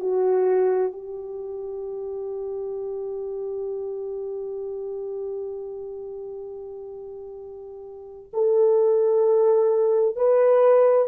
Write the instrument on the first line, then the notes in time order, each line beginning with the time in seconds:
horn
0.00 F#4
0.92 G4
8.33 A4
10.16 B4